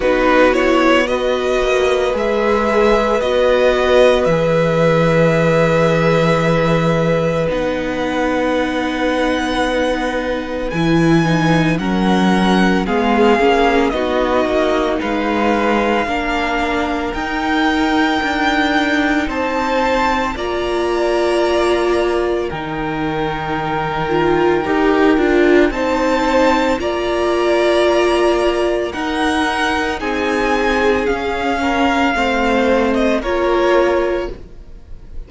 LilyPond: <<
  \new Staff \with { instrumentName = "violin" } { \time 4/4 \tempo 4 = 56 b'8 cis''8 dis''4 e''4 dis''4 | e''2. fis''4~ | fis''2 gis''4 fis''4 | f''4 dis''4 f''2 |
g''2 a''4 ais''4~ | ais''4 g''2. | a''4 ais''2 fis''4 | gis''4 f''4.~ f''16 dis''16 cis''4 | }
  \new Staff \with { instrumentName = "violin" } { \time 4/4 fis'4 b'2.~ | b'1~ | b'2. ais'4 | gis'4 fis'4 b'4 ais'4~ |
ais'2 c''4 d''4~ | d''4 ais'2. | c''4 d''2 ais'4 | gis'4. ais'8 c''4 ais'4 | }
  \new Staff \with { instrumentName = "viola" } { \time 4/4 dis'8 e'8 fis'4 gis'4 fis'4 | gis'2. dis'4~ | dis'2 e'8 dis'8 cis'4 | b8 cis'8 dis'2 d'4 |
dis'2. f'4~ | f'4 dis'4. f'8 g'8 f'8 | dis'4 f'2 dis'4~ | dis'4 cis'4 c'4 f'4 | }
  \new Staff \with { instrumentName = "cello" } { \time 4/4 b4. ais8 gis4 b4 | e2. b4~ | b2 e4 fis4 | gis8 ais8 b8 ais8 gis4 ais4 |
dis'4 d'4 c'4 ais4~ | ais4 dis2 dis'8 d'8 | c'4 ais2 dis'4 | c'4 cis'4 a4 ais4 | }
>>